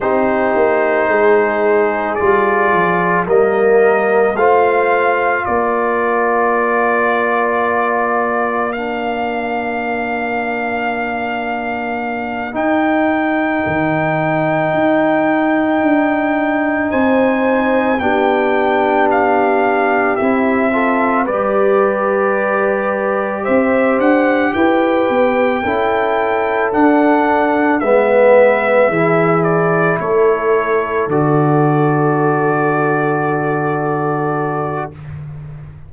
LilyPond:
<<
  \new Staff \with { instrumentName = "trumpet" } { \time 4/4 \tempo 4 = 55 c''2 d''4 dis''4 | f''4 d''2. | f''2.~ f''8 g''8~ | g''2.~ g''8 gis''8~ |
gis''8 g''4 f''4 e''4 d''8~ | d''4. e''8 fis''8 g''4.~ | g''8 fis''4 e''4. d''8 cis''8~ | cis''8 d''2.~ d''8 | }
  \new Staff \with { instrumentName = "horn" } { \time 4/4 g'4 gis'2 ais'4 | c''4 ais'2.~ | ais'1~ | ais'2.~ ais'8 c''8~ |
c''8 g'2~ g'8 a'8 b'8~ | b'4. c''4 b'4 a'8~ | a'4. b'4 gis'4 a'8~ | a'1 | }
  \new Staff \with { instrumentName = "trombone" } { \time 4/4 dis'2 f'4 ais4 | f'1 | d'2.~ d'8 dis'8~ | dis'1~ |
dis'8 d'2 e'8 f'8 g'8~ | g'2.~ g'8 e'8~ | e'8 d'4 b4 e'4.~ | e'8 fis'2.~ fis'8 | }
  \new Staff \with { instrumentName = "tuba" } { \time 4/4 c'8 ais8 gis4 g8 f8 g4 | a4 ais2.~ | ais2.~ ais8 dis'8~ | dis'8 dis4 dis'4 d'4 c'8~ |
c'8 b2 c'4 g8~ | g4. c'8 d'8 e'8 b8 cis'8~ | cis'8 d'4 gis4 e4 a8~ | a8 d2.~ d8 | }
>>